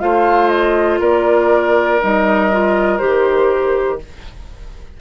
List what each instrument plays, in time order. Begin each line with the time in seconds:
0.00 bassoon A3, clarinet F4, oboe C5, flute F5
0.49 flute D#5
1.00 bassoon A#3, oboe A#4, flute D5
2.01 bassoon G3, clarinet D#4, flute D#5
2.52 clarinet F4
2.98 bassoon D#3, clarinet G4, flute C5